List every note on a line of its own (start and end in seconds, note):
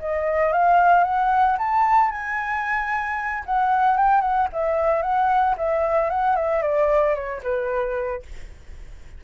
0.00 0.53 D#5
0.53 1.04 F5
1.04 1.57 F#5
1.59 2.11 A5
2.11 3.44 G#5
3.46 3.98 F#5
3.98 4.22 G5
4.22 4.48 F#5
4.53 5.03 E5
5.03 5.56 F#5
5.58 6.10 E5
6.10 6.36 F#5
6.36 6.63 E5
6.63 7.15 D5
7.15 7.42 C#5
7.44 8.23 B4